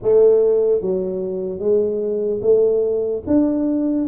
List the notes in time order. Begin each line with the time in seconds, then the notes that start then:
0.02 A3
0.81 F#3
1.59 G#3
2.41 A3
3.27 D4